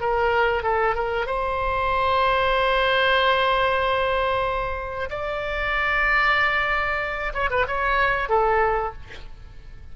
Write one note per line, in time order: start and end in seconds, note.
0.00 0.63 A#4
0.63 0.95 A4
0.95 1.26 A#4
1.26 5.09 C5
5.09 7.33 D5
7.34 7.50 C#5
7.50 7.66 B4
7.67 8.29 C#5
8.29 8.93 A4